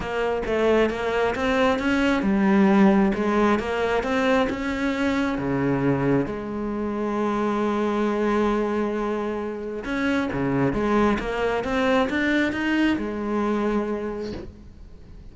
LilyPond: \new Staff \with { instrumentName = "cello" } { \time 4/4 \tempo 4 = 134 ais4 a4 ais4 c'4 | cis'4 g2 gis4 | ais4 c'4 cis'2 | cis2 gis2~ |
gis1~ | gis2 cis'4 cis4 | gis4 ais4 c'4 d'4 | dis'4 gis2. | }